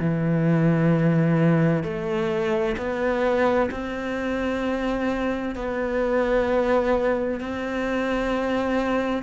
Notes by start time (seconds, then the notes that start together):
0.00 E3
1.83 A3
2.78 B3
3.71 C4
5.56 B3
7.40 C4